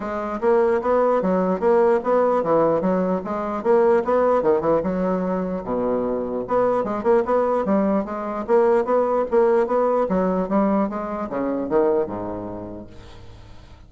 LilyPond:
\new Staff \with { instrumentName = "bassoon" } { \time 4/4 \tempo 4 = 149 gis4 ais4 b4 fis4 | ais4 b4 e4 fis4 | gis4 ais4 b4 dis8 e8 | fis2 b,2 |
b4 gis8 ais8 b4 g4 | gis4 ais4 b4 ais4 | b4 fis4 g4 gis4 | cis4 dis4 gis,2 | }